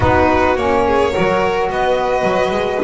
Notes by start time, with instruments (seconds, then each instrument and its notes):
0.00 double bass B3, saxophone D#4, violin F#4 B4
0.56 double bass A#3, saxophone C#4, violin C#5
0.86 violin G#4
1.11 saxophone F#4, violin A#4
1.17 double bass F#3
1.70 double bass B3, violin B4 D#5
2.23 double bass F#3
2.50 double bass G#3